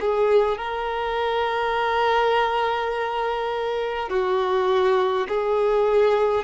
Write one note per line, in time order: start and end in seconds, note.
0.00 0.58 G#4
0.58 4.09 A#4
4.09 5.27 F#4
5.28 6.44 G#4